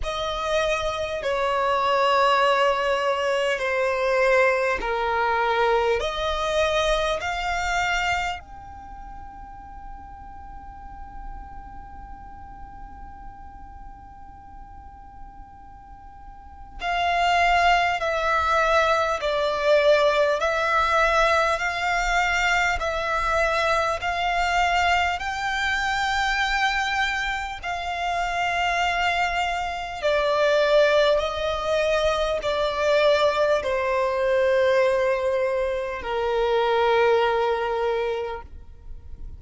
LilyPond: \new Staff \with { instrumentName = "violin" } { \time 4/4 \tempo 4 = 50 dis''4 cis''2 c''4 | ais'4 dis''4 f''4 g''4~ | g''1~ | g''2 f''4 e''4 |
d''4 e''4 f''4 e''4 | f''4 g''2 f''4~ | f''4 d''4 dis''4 d''4 | c''2 ais'2 | }